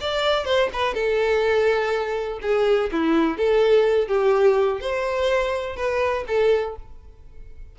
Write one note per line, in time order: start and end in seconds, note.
0.00 0.45 D5
0.45 0.69 C5
0.73 0.94 B4
0.94 2.39 A4
2.41 2.90 G#4
2.91 3.37 E4
3.37 4.08 A4
4.08 4.80 G4
4.80 5.76 C5
5.76 6.24 B4
6.27 6.75 A4